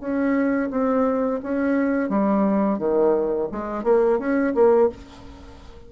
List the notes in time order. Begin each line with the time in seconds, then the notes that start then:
0.00 C#4
0.70 C4
1.43 C#4
2.09 G3
2.78 D#3
3.52 G#3
3.84 A#3
4.19 C#4
4.54 A#3